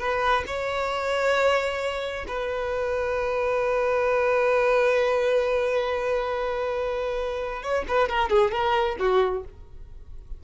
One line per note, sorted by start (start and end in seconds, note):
0.00 0.45 B4
0.47 2.26 C#5
2.28 7.63 B4
7.63 7.86 C#5
7.89 8.09 B4
8.09 8.30 A#4
8.30 8.52 G#4
8.52 8.97 A#4
9.00 9.45 F#4